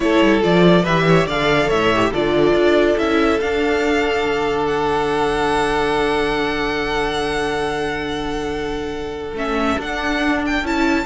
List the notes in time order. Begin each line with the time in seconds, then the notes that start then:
0.00 A3 E4 A4 C#5
0.21 G3
0.41 F3 F4 D5
0.82 E3 G4 B4 E5
1.08 C#5
1.26 D3 A4 D5 F5
1.67 A2 C#5 E5
1.94 G4
2.10 D3 F4 A4 D5
2.53 D4
2.97 C#4 E4 E5
3.40 D4 F5
4.24 D3
4.66 F#5
9.33 A3 C#4 E5
9.78 D4 F#5
10.45 G5
10.62 C#4 E4 A5